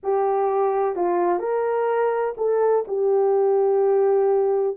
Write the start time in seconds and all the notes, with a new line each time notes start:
0.03 G4
0.95 F4
1.39 A#4
2.37 A4
2.87 G4